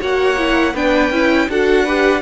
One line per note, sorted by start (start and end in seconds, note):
0.00 0.74 A#3
0.00 0.37 F#4
0.00 0.74 C#5
0.00 0.76 F#5
0.38 0.75 E4
0.74 1.11 B3
0.74 1.12 D4
0.74 1.48 B4
0.74 1.50 G5
1.11 1.48 C#4
1.11 1.50 E4
1.49 2.22 D4
1.49 1.87 F#4
1.49 1.85 A4
1.49 2.22 F#5
1.85 2.22 G4
1.85 2.22 B4